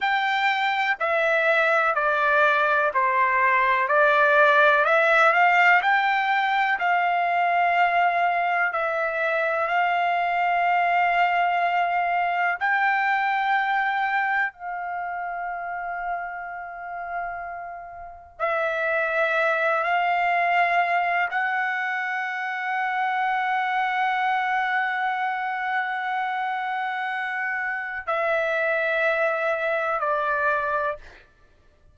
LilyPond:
\new Staff \with { instrumentName = "trumpet" } { \time 4/4 \tempo 4 = 62 g''4 e''4 d''4 c''4 | d''4 e''8 f''8 g''4 f''4~ | f''4 e''4 f''2~ | f''4 g''2 f''4~ |
f''2. e''4~ | e''8 f''4. fis''2~ | fis''1~ | fis''4 e''2 d''4 | }